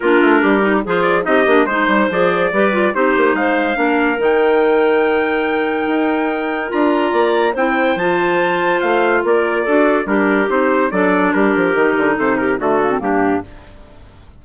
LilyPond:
<<
  \new Staff \with { instrumentName = "trumpet" } { \time 4/4 \tempo 4 = 143 ais'2 c''8 d''8 dis''4 | c''4 d''2 c''4 | f''2 g''2~ | g''1 |
ais''2 g''4 a''4~ | a''4 f''4 d''2 | ais'4 c''4 d''4 ais'4~ | ais'4 c''8 ais'8 a'4 g'4 | }
  \new Staff \with { instrumentName = "clarinet" } { \time 4/4 f'4 g'4 gis'4 g'4 | c''2 b'4 g'4 | c''4 ais'2.~ | ais'1~ |
ais'4 d''4 c''2~ | c''2 ais'4 a'4 | g'2 a'4 g'4~ | g'4 a'8 g'8 fis'4 d'4 | }
  \new Staff \with { instrumentName = "clarinet" } { \time 4/4 d'4. dis'8 f'4 dis'8 d'8 | dis'4 gis'4 g'8 f'8 dis'4~ | dis'4 d'4 dis'2~ | dis'1 |
f'2 e'4 f'4~ | f'2. fis'4 | d'4 dis'4 d'2 | dis'2 a8 ais16 c'16 ais4 | }
  \new Staff \with { instrumentName = "bassoon" } { \time 4/4 ais8 a8 g4 f4 c'8 ais8 | gis8 g8 f4 g4 c'8 ais8 | gis4 ais4 dis2~ | dis2 dis'2 |
d'4 ais4 c'4 f4~ | f4 a4 ais4 d'4 | g4 c'4 fis4 g8 f8 | dis8 d8 c4 d4 g,4 | }
>>